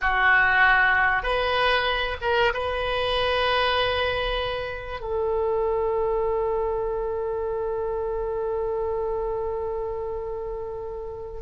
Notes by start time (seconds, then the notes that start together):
0.01 F#4
1.22 B4
2.21 A#4
2.53 B4
5.00 A4